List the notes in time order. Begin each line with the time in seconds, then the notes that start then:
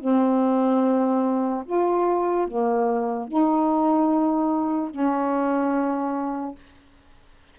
0.00 C4
1.65 F4
2.47 A#3
3.28 D#4
4.91 C#4